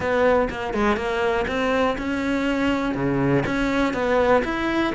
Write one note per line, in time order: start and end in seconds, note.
0.00 0.49 B3
0.50 0.73 A#3
0.73 0.96 G#3
0.96 1.45 A#3
1.47 1.96 C4
1.98 2.94 C#4
2.94 3.43 C#3
3.46 3.93 C#4
3.93 4.42 B3
4.44 4.93 E4